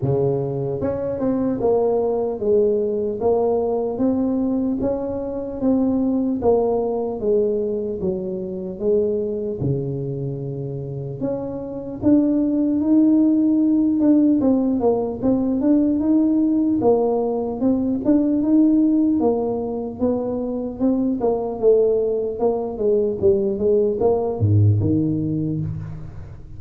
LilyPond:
\new Staff \with { instrumentName = "tuba" } { \time 4/4 \tempo 4 = 75 cis4 cis'8 c'8 ais4 gis4 | ais4 c'4 cis'4 c'4 | ais4 gis4 fis4 gis4 | cis2 cis'4 d'4 |
dis'4. d'8 c'8 ais8 c'8 d'8 | dis'4 ais4 c'8 d'8 dis'4 | ais4 b4 c'8 ais8 a4 | ais8 gis8 g8 gis8 ais8 gis,8 dis4 | }